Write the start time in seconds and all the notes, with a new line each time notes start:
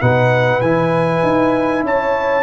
0.00 B2 D#4 B4 F#5
0.61 E3 E4 G#5
1.23 D#4
1.82 C#4 C#5 A5